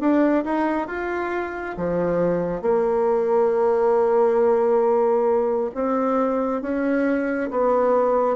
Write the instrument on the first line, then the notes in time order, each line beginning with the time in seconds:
bassoon
0.00 D4
0.45 D#4
0.87 F4
1.77 F3
2.62 A#3
5.74 C4
6.62 C#4
7.51 B3